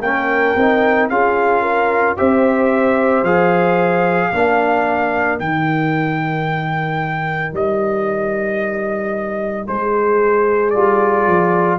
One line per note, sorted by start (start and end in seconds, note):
0.00 0.54 A#3
0.00 0.58 C#4
0.00 1.08 G5
0.06 1.11 A#4
0.55 1.09 C4
0.55 1.11 D#4
1.09 2.16 C#4
1.09 2.17 F4
1.09 1.62 G#4
1.09 2.16 F5
1.62 2.15 A#4
2.17 3.22 C4
2.17 3.24 G4
2.17 4.30 C5
2.17 3.24 E5
3.22 4.29 F3
3.22 4.32 G#4
3.22 5.38 F5
4.30 5.40 A#3
4.30 5.39 D4
4.30 9.66 A#4
5.39 7.53 D#3
5.39 10.74 D#4
5.39 7.54 G5
7.53 9.67 G3
7.53 9.67 D#5
9.66 10.74 G#3
9.66 11.79 G#4
9.66 10.70 C5
10.70 11.27 G3
10.70 11.79 F4
10.70 11.77 D5
11.27 11.79 F3